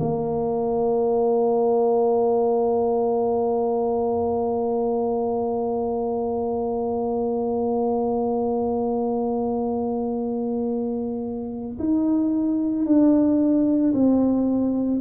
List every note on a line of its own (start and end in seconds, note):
0.00 11.79 A#3
11.79 12.86 D#4
12.86 13.93 D4
13.93 15.00 C4